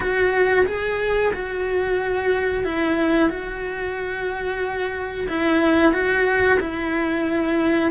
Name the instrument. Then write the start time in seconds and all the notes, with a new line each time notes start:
cello
0.00 F#4
0.66 G#4
1.33 F#4
2.64 E4
3.29 F#4
5.28 E4
5.93 F#4
6.60 E4